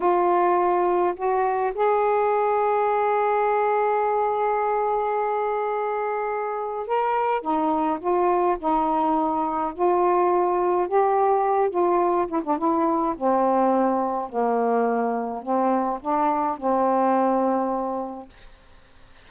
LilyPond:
\new Staff \with { instrumentName = "saxophone" } { \time 4/4 \tempo 4 = 105 f'2 fis'4 gis'4~ | gis'1~ | gis'1 | ais'4 dis'4 f'4 dis'4~ |
dis'4 f'2 g'4~ | g'8 f'4 e'16 d'16 e'4 c'4~ | c'4 ais2 c'4 | d'4 c'2. | }